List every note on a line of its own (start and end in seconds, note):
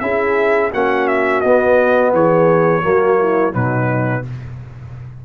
0.00 0.72 C#4
0.00 0.71 E4
0.00 0.72 G#4
0.00 0.71 E5
0.72 1.44 A#3
0.72 1.45 C#4
0.72 2.13 F#4
0.72 1.08 F#5
1.08 1.41 E5
1.41 2.13 B3
1.41 2.82 B3
1.41 2.11 D#5
2.13 2.83 E3
2.13 2.82 G#4
2.13 3.54 C#5
2.82 3.55 F#3
2.82 3.52 A#3
2.82 3.18 F#4
3.19 3.54 E4
3.53 4.25 B2
3.53 4.23 F#3
3.53 4.24 D#4
3.53 4.25 B4